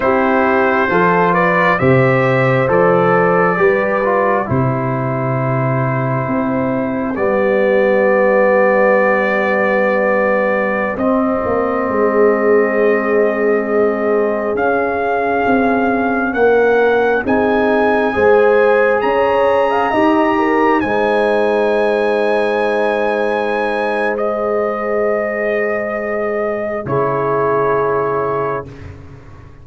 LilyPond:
<<
  \new Staff \with { instrumentName = "trumpet" } { \time 4/4 \tempo 4 = 67 c''4. d''8 e''4 d''4~ | d''4 c''2. | d''1~ | d''16 dis''2.~ dis''8.~ |
dis''16 f''2 fis''4 gis''8.~ | gis''4~ gis''16 ais''2 gis''8.~ | gis''2. dis''4~ | dis''2 cis''2 | }
  \new Staff \with { instrumentName = "horn" } { \time 4/4 g'4 a'8 b'8 c''2 | b'4 g'2.~ | g'1~ | g'4~ g'16 gis'2~ gis'8.~ |
gis'2~ gis'16 ais'4 gis'8.~ | gis'16 c''4 cis''8. f''16 dis''8 ais'8 c''8.~ | c''1~ | c''2 gis'2 | }
  \new Staff \with { instrumentName = "trombone" } { \time 4/4 e'4 f'4 g'4 a'4 | g'8 f'8 e'2. | b1~ | b16 c'2.~ c'8.~ |
c'16 cis'2. dis'8.~ | dis'16 gis'2 g'4 dis'8.~ | dis'2. gis'4~ | gis'2 e'2 | }
  \new Staff \with { instrumentName = "tuba" } { \time 4/4 c'4 f4 c4 f4 | g4 c2 c'4 | g1~ | g16 c'8 ais8 gis2~ gis8.~ |
gis16 cis'4 c'4 ais4 c'8.~ | c'16 gis4 cis'4 dis'4 gis8.~ | gis1~ | gis2 cis2 | }
>>